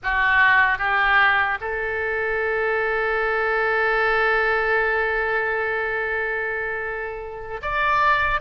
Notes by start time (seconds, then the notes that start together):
0.03 F#4
0.78 G4
1.60 A4
7.62 D5